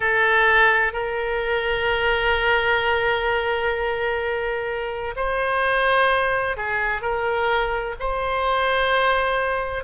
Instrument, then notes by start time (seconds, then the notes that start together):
oboe
0.00 A4
0.92 A#4
5.16 C5
6.56 G#4
7.01 A#4
7.99 C5